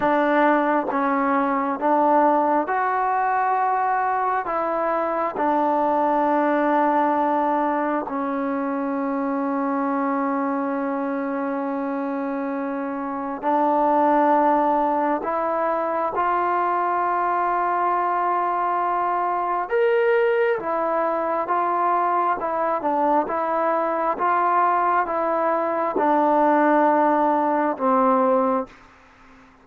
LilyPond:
\new Staff \with { instrumentName = "trombone" } { \time 4/4 \tempo 4 = 67 d'4 cis'4 d'4 fis'4~ | fis'4 e'4 d'2~ | d'4 cis'2.~ | cis'2. d'4~ |
d'4 e'4 f'2~ | f'2 ais'4 e'4 | f'4 e'8 d'8 e'4 f'4 | e'4 d'2 c'4 | }